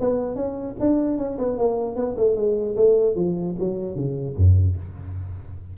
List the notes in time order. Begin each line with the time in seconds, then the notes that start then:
0.00 B3
0.35 C#4
0.80 D4
1.18 C#4
1.38 B3
1.58 A#3
1.96 B3
2.17 A3
2.36 G#3
2.76 A3
3.15 F3
3.59 F#3
3.95 C#3
4.36 F#2